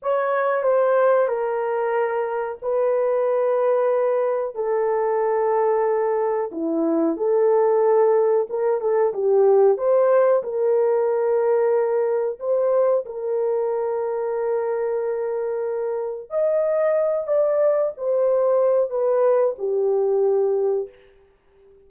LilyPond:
\new Staff \with { instrumentName = "horn" } { \time 4/4 \tempo 4 = 92 cis''4 c''4 ais'2 | b'2. a'4~ | a'2 e'4 a'4~ | a'4 ais'8 a'8 g'4 c''4 |
ais'2. c''4 | ais'1~ | ais'4 dis''4. d''4 c''8~ | c''4 b'4 g'2 | }